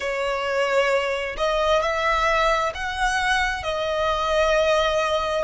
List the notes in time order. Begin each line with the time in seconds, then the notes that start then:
0.00 C#5
1.37 D#5
1.82 E5
2.74 F#5
3.63 D#5